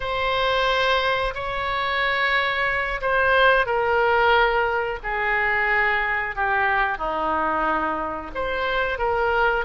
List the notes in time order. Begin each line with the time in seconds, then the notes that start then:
0.00 C5
1.34 C#5
3.01 C5
3.65 A#4
5.03 G#4
6.35 G4
6.98 D#4
8.34 C5
8.98 A#4